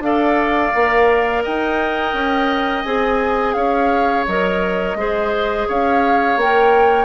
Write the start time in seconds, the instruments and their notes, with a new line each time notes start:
0.00 bassoon D4, clarinet A4, oboe D5, flute F5
0.75 bassoon A#3, clarinet A#4
1.43 bassoon D#4, oboe D#5, flute G5
2.13 bassoon C#4
2.84 bassoon C4, clarinet G#4, flute G#5
3.54 bassoon C#4, oboe C#5, flute F5
4.27 bassoon F#3, clarinet A#4, flute D#5
4.95 bassoon G#3, clarinet G#4, oboe C5
5.68 bassoon C#4, oboe C#5, flute F5
6.37 bassoon A#3, clarinet A#4, flute G5